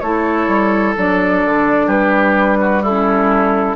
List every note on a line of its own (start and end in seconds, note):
0.00 0.48 A3
0.00 0.96 E4
0.00 1.87 A4
0.00 0.94 C#5
0.48 0.95 G3
0.96 1.44 F#3
0.96 2.83 D4
0.96 1.89 D5
1.46 1.88 D3
1.87 3.75 G3
1.87 2.57 G4
1.87 2.83 B4
2.61 2.83 F#4
2.83 3.76 E4
2.83 3.76 A4
2.89 3.76 C#4